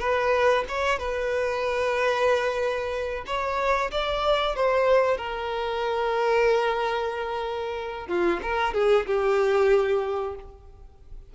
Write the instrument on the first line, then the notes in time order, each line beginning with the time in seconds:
violin
0.00 B4
0.69 C#5
0.99 B4
3.27 C#5
3.91 D5
4.56 C5
5.18 A#4
8.08 F4
8.43 A#4
8.74 G#4
9.06 G4